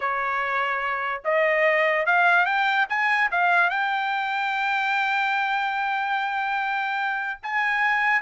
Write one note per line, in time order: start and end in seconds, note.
0.00 1.22 C#5
1.24 2.05 D#5
2.05 2.45 F5
2.45 2.86 G5
2.89 3.30 G#5
3.31 3.70 F5
3.70 7.40 G5
7.42 8.22 G#5